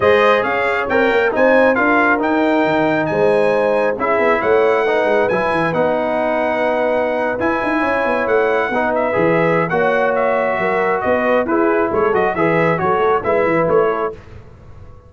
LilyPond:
<<
  \new Staff \with { instrumentName = "trumpet" } { \time 4/4 \tempo 4 = 136 dis''4 f''4 g''4 gis''4 | f''4 g''2 gis''4~ | gis''4 e''4 fis''2 | gis''4 fis''2.~ |
fis''8. gis''2 fis''4~ fis''16~ | fis''16 e''4.~ e''16 fis''4 e''4~ | e''4 dis''4 b'4 cis''8 dis''8 | e''4 cis''4 e''4 cis''4 | }
  \new Staff \with { instrumentName = "horn" } { \time 4/4 c''4 cis''2 c''4 | ais'2. c''4~ | c''4 gis'4 cis''4 b'4~ | b'1~ |
b'4.~ b'16 cis''2 b'16~ | b'2 cis''2 | ais'4 b'4 gis'4 a'4 | b'4 a'4 b'4. a'8 | }
  \new Staff \with { instrumentName = "trombone" } { \time 4/4 gis'2 ais'4 dis'4 | f'4 dis'2.~ | dis'4 e'2 dis'4 | e'4 dis'2.~ |
dis'8. e'2. dis'16~ | dis'8. gis'4~ gis'16 fis'2~ | fis'2 e'4. fis'8 | gis'4 fis'4 e'2 | }
  \new Staff \with { instrumentName = "tuba" } { \time 4/4 gis4 cis'4 c'8 ais8 c'4 | d'4 dis'4 dis4 gis4~ | gis4 cis'8 b8 a4. gis8 | fis8 e8 b2.~ |
b8. e'8 dis'8 cis'8 b8 a4 b16~ | b8. e4~ e16 ais2 | fis4 b4 e'4 gis8 fis8 | e4 fis8 a8 gis8 e8 a4 | }
>>